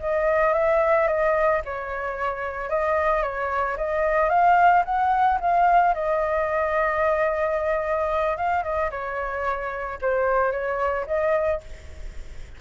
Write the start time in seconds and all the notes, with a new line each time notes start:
0.00 D#5
0.54 E5
1.08 D#5
1.65 C#5
2.70 D#5
3.23 C#5
3.78 D#5
4.30 F5
4.86 F#5
5.41 F5
5.95 D#5
8.37 F5
8.64 D#5
8.91 C#5
10.02 C5
10.52 C#5
11.07 D#5